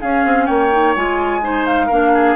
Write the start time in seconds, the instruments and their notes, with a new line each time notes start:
0.00 clarinet C#4, bassoon C#4, oboe G#4, flute F5
0.24 bassoon C4
0.45 bassoon A#3, oboe C#5, flute G5
0.72 clarinet D#4
0.95 bassoon G#3, clarinet F4, flute G#5
1.41 clarinet D#4, oboe C5
1.65 flute F5
1.86 bassoon A#3, clarinet D4, oboe A#4
2.14 oboe G#4